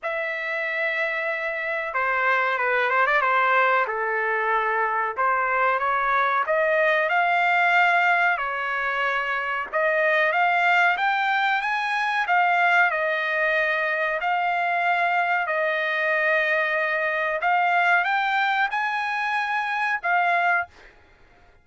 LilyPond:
\new Staff \with { instrumentName = "trumpet" } { \time 4/4 \tempo 4 = 93 e''2. c''4 | b'8 c''16 d''16 c''4 a'2 | c''4 cis''4 dis''4 f''4~ | f''4 cis''2 dis''4 |
f''4 g''4 gis''4 f''4 | dis''2 f''2 | dis''2. f''4 | g''4 gis''2 f''4 | }